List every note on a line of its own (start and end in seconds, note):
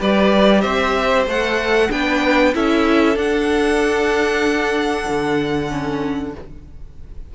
0.00 0.64 G3
0.00 1.28 G4
0.00 0.61 B4
0.00 0.61 D5
0.61 1.26 C4
0.61 1.88 C5
0.61 1.24 E5
1.26 1.89 A3
1.26 1.90 A4
1.26 1.91 F#5
1.90 2.55 B3
1.90 2.53 D4
1.90 2.55 B4
1.90 2.54 G5
2.54 3.16 C#4
2.54 3.15 E4
2.54 6.34 A4
2.54 3.18 E5
3.15 5.68 D4
3.15 5.06 D4
3.15 6.34 F#5
5.09 6.35 D3
5.69 6.32 C#4